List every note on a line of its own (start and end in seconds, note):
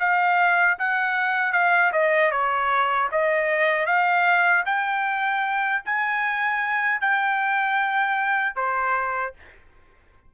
0.00 0.78 F5
0.79 1.53 F#5
1.53 1.92 F5
1.93 2.32 D#5
2.32 3.10 C#5
3.12 3.87 D#5
3.87 4.65 F5
4.66 5.83 G5
5.85 7.01 G#5
7.01 8.56 G5
8.56 9.34 C5